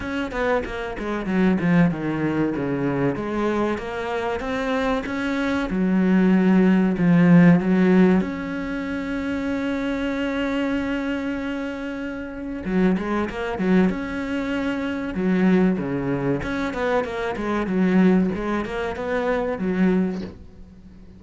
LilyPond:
\new Staff \with { instrumentName = "cello" } { \time 4/4 \tempo 4 = 95 cis'8 b8 ais8 gis8 fis8 f8 dis4 | cis4 gis4 ais4 c'4 | cis'4 fis2 f4 | fis4 cis'2.~ |
cis'1 | fis8 gis8 ais8 fis8 cis'2 | fis4 cis4 cis'8 b8 ais8 gis8 | fis4 gis8 ais8 b4 fis4 | }